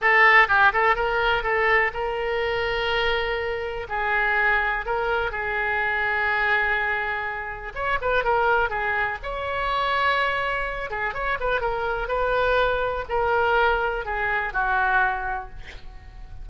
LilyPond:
\new Staff \with { instrumentName = "oboe" } { \time 4/4 \tempo 4 = 124 a'4 g'8 a'8 ais'4 a'4 | ais'1 | gis'2 ais'4 gis'4~ | gis'1 |
cis''8 b'8 ais'4 gis'4 cis''4~ | cis''2~ cis''8 gis'8 cis''8 b'8 | ais'4 b'2 ais'4~ | ais'4 gis'4 fis'2 | }